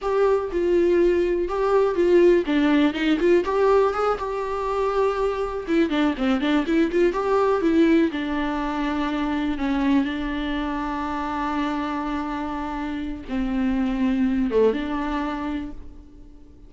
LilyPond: \new Staff \with { instrumentName = "viola" } { \time 4/4 \tempo 4 = 122 g'4 f'2 g'4 | f'4 d'4 dis'8 f'8 g'4 | gis'8 g'2. e'8 | d'8 c'8 d'8 e'8 f'8 g'4 e'8~ |
e'8 d'2. cis'8~ | cis'8 d'2.~ d'8~ | d'2. c'4~ | c'4. a8 d'2 | }